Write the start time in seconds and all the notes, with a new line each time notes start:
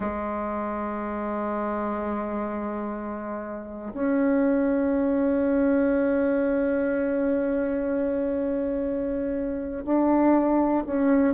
0.00 G#3
3.93 C#4
9.85 D4
10.86 C#4